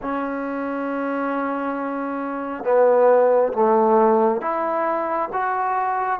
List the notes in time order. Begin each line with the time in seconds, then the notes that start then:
0.02 C#4
2.64 B3
3.53 A3
4.41 E4
5.32 F#4